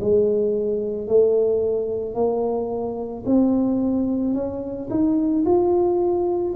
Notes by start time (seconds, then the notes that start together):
0.00 G#3
1.07 A3
2.14 A#3
3.26 C4
4.34 C#4
4.90 D#4
5.45 F4